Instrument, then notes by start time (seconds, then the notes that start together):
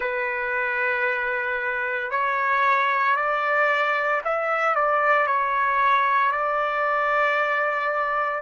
trumpet
0.00 B4
2.11 C#5
3.16 D5
4.24 E5
4.75 D5
5.26 C#5
6.32 D5